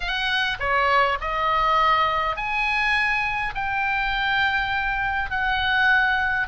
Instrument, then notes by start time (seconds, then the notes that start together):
oboe
0.00 F#5
0.59 C#5
1.21 D#5
2.36 G#5
3.55 G5
5.30 F#5